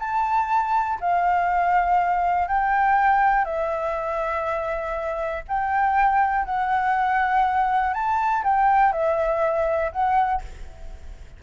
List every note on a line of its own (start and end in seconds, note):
0.00 0.99 A5
1.01 2.48 F5
2.48 3.45 G5
3.45 5.43 E5
5.49 6.46 G5
6.46 7.94 F#5
7.94 8.43 A5
8.44 8.93 G5
8.93 9.92 E5
9.92 10.42 F#5